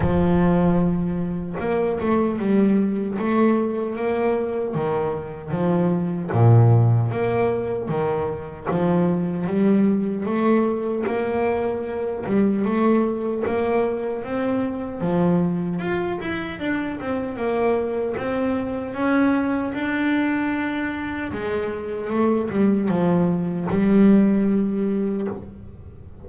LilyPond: \new Staff \with { instrumentName = "double bass" } { \time 4/4 \tempo 4 = 76 f2 ais8 a8 g4 | a4 ais4 dis4 f4 | ais,4 ais4 dis4 f4 | g4 a4 ais4. g8 |
a4 ais4 c'4 f4 | f'8 e'8 d'8 c'8 ais4 c'4 | cis'4 d'2 gis4 | a8 g8 f4 g2 | }